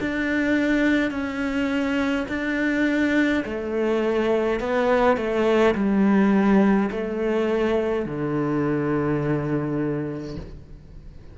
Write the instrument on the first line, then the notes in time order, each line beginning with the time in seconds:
cello
0.00 D4
1.11 C#4
2.28 D4
3.44 A3
4.59 B3
5.17 A3
5.74 G3
6.91 A3
8.05 D3